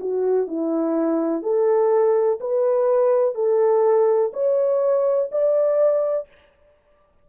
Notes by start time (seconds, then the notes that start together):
0.00 F#4
0.48 E4
1.43 A4
2.40 B4
3.35 A4
4.33 C#5
5.31 D5